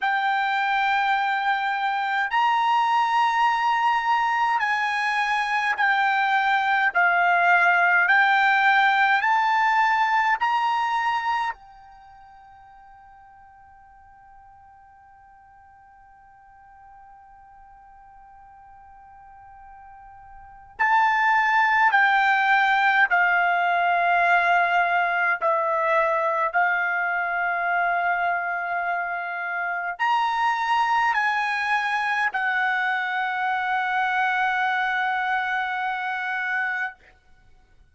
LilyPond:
\new Staff \with { instrumentName = "trumpet" } { \time 4/4 \tempo 4 = 52 g''2 ais''2 | gis''4 g''4 f''4 g''4 | a''4 ais''4 g''2~ | g''1~ |
g''2 a''4 g''4 | f''2 e''4 f''4~ | f''2 ais''4 gis''4 | fis''1 | }